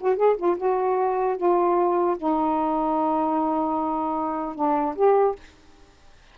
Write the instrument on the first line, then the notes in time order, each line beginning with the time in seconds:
saxophone
0.00 F#4
0.16 G#4
0.37 F4
0.57 F#4
1.36 F4
2.17 D#4
4.55 D4
4.95 G4